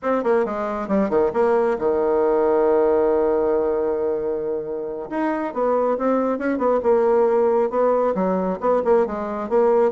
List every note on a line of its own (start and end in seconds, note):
0.02 0.23 C4
0.23 0.45 A#3
0.45 0.88 G#3
0.88 1.09 G3
1.09 1.31 D#3
1.33 1.77 A#3
1.78 5.09 D#3
5.10 5.53 D#4
5.53 5.97 B3
5.98 6.38 C4
6.38 6.58 C#4
6.58 6.80 B3
6.82 7.70 A#3
7.70 8.14 B3
8.14 8.58 F#3
8.60 8.82 B3
8.84 9.06 A#3
9.06 9.49 G#3
9.49 9.91 A#3